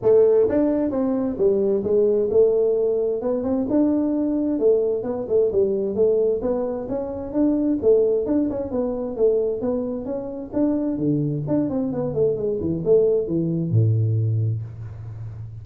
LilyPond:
\new Staff \with { instrumentName = "tuba" } { \time 4/4 \tempo 4 = 131 a4 d'4 c'4 g4 | gis4 a2 b8 c'8 | d'2 a4 b8 a8 | g4 a4 b4 cis'4 |
d'4 a4 d'8 cis'8 b4 | a4 b4 cis'4 d'4 | d4 d'8 c'8 b8 a8 gis8 e8 | a4 e4 a,2 | }